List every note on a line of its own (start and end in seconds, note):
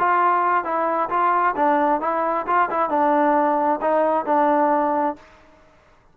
0.00 0.65 F4
0.65 1.10 E4
1.10 1.55 F4
1.56 2.01 D4
2.01 2.46 E4
2.47 2.70 F4
2.71 2.90 E4
2.90 3.81 D4
3.82 4.26 D#4
4.26 5.16 D4